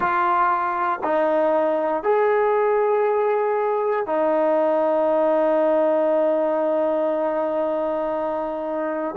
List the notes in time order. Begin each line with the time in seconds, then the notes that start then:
0.00 F4
1.03 D#4
2.03 G#4
4.06 D#4